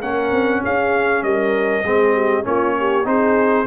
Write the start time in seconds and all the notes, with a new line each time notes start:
0.00 A#3 C#4 A#4 F#5
0.32 C4
0.63 C#4 G#4 F5
1.22 G3 A#4 D#5
1.84 G#3 C4 G#4
2.14 G4
2.43 A#3 C#4 F4 C#5
2.79 G4
3.04 C4 D#4 G#4 C5